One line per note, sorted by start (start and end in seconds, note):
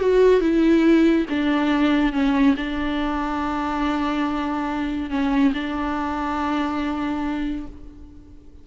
0.00 0.41 F#4
0.41 1.26 E4
1.30 2.13 D4
2.13 2.55 C#4
2.57 5.10 D4
5.10 5.53 C#4
5.54 7.67 D4